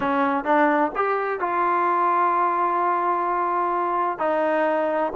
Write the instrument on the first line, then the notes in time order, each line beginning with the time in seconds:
trombone
0.00 C#4
0.44 D4
0.95 G4
1.40 F4
4.18 D#4